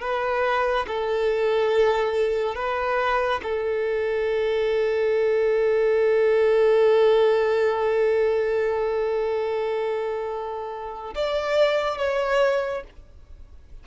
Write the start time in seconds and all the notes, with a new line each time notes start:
0.00 B4
0.87 A4
2.55 B4
3.42 A4
11.15 D5
11.97 C#5